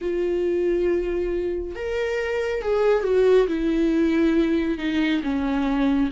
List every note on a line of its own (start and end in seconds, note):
0.01 1.75 F4
1.75 2.61 A#4
2.61 3.03 G#4
3.03 3.47 F#4
3.47 4.77 E4
4.77 5.21 D#4
5.23 6.09 C#4